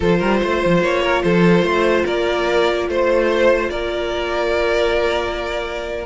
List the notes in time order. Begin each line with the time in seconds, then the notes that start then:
0.00 F3 F4 A4 C5
0.18 G3 A#4
0.42 A3 C5
0.65 F3
0.81 A#3 C#5
1.02 A#4
1.22 F3 A4 C5
1.62 A3 C5
2.05 A#3 A#4 D5
2.88 A3 C5
3.69 A#3 A#4 D5